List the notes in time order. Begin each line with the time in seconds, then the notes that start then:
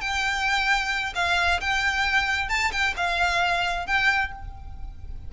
0.00 G5
1.15 F5
1.60 G5
2.49 A5
2.71 G5
2.96 F5
3.86 G5